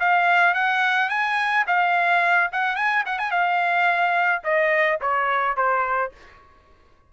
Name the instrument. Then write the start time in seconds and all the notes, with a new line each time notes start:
trumpet
0.00 F5
0.55 F#5
1.10 G#5
1.68 F5
2.53 F#5
2.77 G#5
3.06 F#5
3.19 G#5
3.31 F5
4.44 D#5
5.01 C#5
5.57 C5